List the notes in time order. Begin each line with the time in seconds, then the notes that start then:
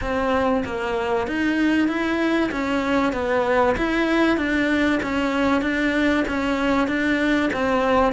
0.01 C4
0.65 A#3
1.27 D#4
1.88 E4
2.51 C#4
3.12 B3
3.77 E4
4.37 D4
5.02 C#4
5.61 D4
6.28 C#4
6.87 D4
7.53 C4